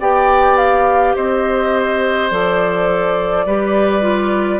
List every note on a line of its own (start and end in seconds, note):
0.00 1.15 B3
0.00 2.31 G4
0.00 1.15 D5
0.00 0.57 G5
0.57 1.15 F5
1.15 2.31 C4
1.15 3.46 C5
1.15 2.30 D#5
2.30 3.46 F3
2.30 3.47 A4
2.30 4.60 D5
3.46 4.60 G3
3.46 4.02 G4
3.46 4.60 B4
4.02 4.60 F4